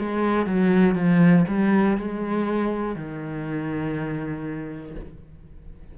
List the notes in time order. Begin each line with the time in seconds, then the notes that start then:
0.00 G#3
0.46 F#3
0.95 F3
1.48 G3
1.98 G#3
2.96 D#3